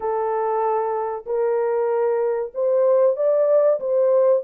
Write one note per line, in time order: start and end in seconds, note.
0.00 1.25 A4
1.26 2.52 A#4
2.54 3.16 C5
3.16 3.79 D5
3.80 4.43 C5